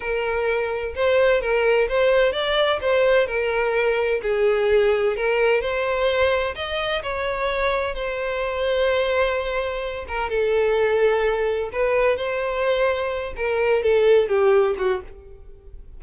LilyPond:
\new Staff \with { instrumentName = "violin" } { \time 4/4 \tempo 4 = 128 ais'2 c''4 ais'4 | c''4 d''4 c''4 ais'4~ | ais'4 gis'2 ais'4 | c''2 dis''4 cis''4~ |
cis''4 c''2.~ | c''4. ais'8 a'2~ | a'4 b'4 c''2~ | c''8 ais'4 a'4 g'4 fis'8 | }